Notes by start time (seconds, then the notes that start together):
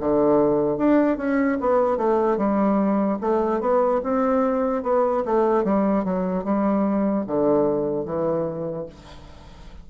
0.00 D3
0.78 D4
1.17 C#4
1.60 B3
1.97 A3
2.37 G3
3.21 A3
3.60 B3
4.03 C4
4.83 B3
5.25 A3
5.64 G3
6.04 F#3
6.44 G3
7.27 D3
8.05 E3